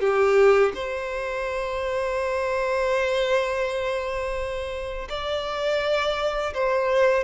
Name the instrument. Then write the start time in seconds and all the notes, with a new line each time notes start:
violin
0.00 G4
0.74 C5
5.09 D5
6.54 C5